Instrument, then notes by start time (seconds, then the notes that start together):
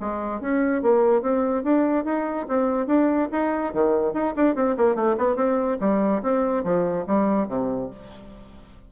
bassoon
0.00 G#3
0.40 C#4
0.82 A#3
1.22 C4
1.63 D4
2.05 D#4
2.48 C4
2.86 D4
3.31 D#4
3.73 D#3
4.13 D#4
4.36 D4
4.55 C4
4.77 A#3
4.95 A3
5.18 B3
5.36 C4
5.80 G3
6.22 C4
6.63 F3
7.07 G3
7.48 C3